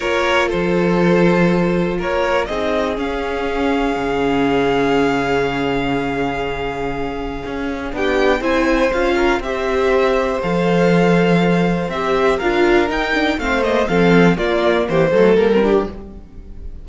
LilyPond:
<<
  \new Staff \with { instrumentName = "violin" } { \time 4/4 \tempo 4 = 121 cis''4 c''2. | cis''4 dis''4 f''2~ | f''1~ | f''1 |
g''4 gis''4 f''4 e''4~ | e''4 f''2. | e''4 f''4 g''4 f''8 dis''8 | f''4 d''4 c''4 ais'4 | }
  \new Staff \with { instrumentName = "violin" } { \time 4/4 ais'4 a'2. | ais'4 gis'2.~ | gis'1~ | gis'1 |
g'4 c''4. ais'8 c''4~ | c''1~ | c''4 ais'2 c''4 | a'4 f'4 g'8 a'4 g'8 | }
  \new Staff \with { instrumentName = "viola" } { \time 4/4 f'1~ | f'4 dis'4 cis'2~ | cis'1~ | cis'1 |
d'4 e'4 f'4 g'4~ | g'4 a'2. | g'4 f'4 dis'8 d'8 c'8 ais8 | c'4 ais4. a8 ais16 c'16 d'8 | }
  \new Staff \with { instrumentName = "cello" } { \time 4/4 ais4 f2. | ais4 c'4 cis'2 | cis1~ | cis2. cis'4 |
b4 c'4 cis'4 c'4~ | c'4 f2. | c'4 d'4 dis'4 a4 | f4 ais4 e8 fis8 g4 | }
>>